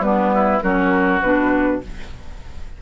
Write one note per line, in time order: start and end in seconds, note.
0.00 0.59 G3
0.00 0.61 B3
0.00 0.34 D4
0.00 0.61 B4
0.34 0.63 E4
0.62 1.22 F#3
0.62 1.22 C#4
0.62 1.82 F#4
0.62 1.21 A#4
1.21 1.81 B2
1.21 1.82 D4
1.21 1.81 B4